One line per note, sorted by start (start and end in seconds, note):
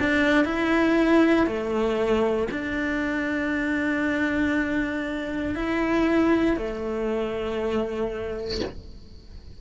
0.00 0.45 D4
0.45 1.47 E4
1.47 2.49 A3
2.52 5.56 D4
5.56 6.57 E4
6.57 8.61 A3